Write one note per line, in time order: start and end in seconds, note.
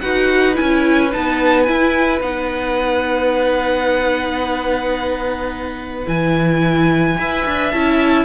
0.00 0.58 D#4
0.00 0.54 F#4
0.00 7.18 B4
0.00 0.55 F#5
0.54 1.15 C#4
0.54 1.09 E4
0.54 1.11 G#5
1.12 1.69 B3
1.12 1.66 D#4
1.12 1.63 A5
1.63 2.21 E4
1.63 2.18 G#5
2.21 6.06 B3
2.21 6.06 D#4
2.21 6.07 F#5
6.06 7.17 E3
6.06 7.16 E4
6.06 7.71 G#5
7.18 7.45 E4
7.18 7.73 B4
7.18 8.25 E5
7.46 7.73 D4
7.71 8.25 C#4
7.71 8.25 E4
7.71 8.25 A5